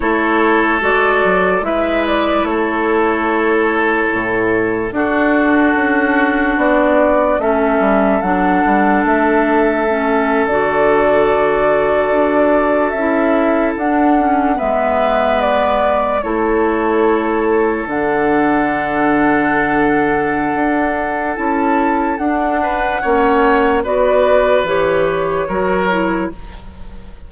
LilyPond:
<<
  \new Staff \with { instrumentName = "flute" } { \time 4/4 \tempo 4 = 73 cis''4 d''4 e''8 d''8 cis''4~ | cis''2 a'2 | d''4 e''4 fis''4 e''4~ | e''8. d''2. e''16~ |
e''8. fis''4 e''4 d''4 cis''16~ | cis''4.~ cis''16 fis''2~ fis''16~ | fis''2 a''4 fis''4~ | fis''4 d''4 cis''2 | }
  \new Staff \with { instrumentName = "oboe" } { \time 4/4 a'2 b'4 a'4~ | a'2 fis'2~ | fis'4 a'2.~ | a'1~ |
a'4.~ a'16 b'2 a'16~ | a'1~ | a'2.~ a'8 b'8 | cis''4 b'2 ais'4 | }
  \new Staff \with { instrumentName = "clarinet" } { \time 4/4 e'4 fis'4 e'2~ | e'2 d'2~ | d'4 cis'4 d'2 | cis'8. fis'2. e'16~ |
e'8. d'8 cis'8 b2 e'16~ | e'4.~ e'16 d'2~ d'16~ | d'2 e'4 d'4 | cis'4 fis'4 g'4 fis'8 e'8 | }
  \new Staff \with { instrumentName = "bassoon" } { \time 4/4 a4 gis8 fis8 gis4 a4~ | a4 a,4 d'4 cis'4 | b4 a8 g8 fis8 g8 a4~ | a8. d2 d'4 cis'16~ |
cis'8. d'4 gis2 a16~ | a4.~ a16 d2~ d16~ | d4 d'4 cis'4 d'4 | ais4 b4 e4 fis4 | }
>>